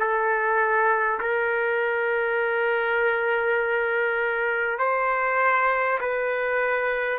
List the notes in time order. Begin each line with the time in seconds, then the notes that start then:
0.00 A4
1.21 A#4
4.79 C5
6.01 B4